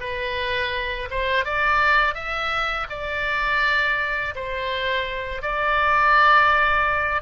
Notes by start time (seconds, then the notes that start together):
0.00 B4
1.10 C5
1.45 D5
2.14 E5
2.90 D5
4.35 C5
5.42 D5